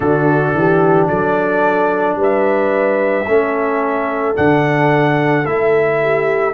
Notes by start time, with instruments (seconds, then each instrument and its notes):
0.00 tuba D3, trombone D4, horn F#4, trumpet A4
0.54 tuba E3, horn G4
1.08 tuba F#3, horn A4, trumpet D5
2.15 tuba G3, horn B4
2.22 trumpet E5
3.27 tuba A3, trombone C#4, horn A4
4.34 tuba D3, trombone D4, trumpet F#5
5.45 tuba A3, trombone E4, trumpet E5
6.01 horn G4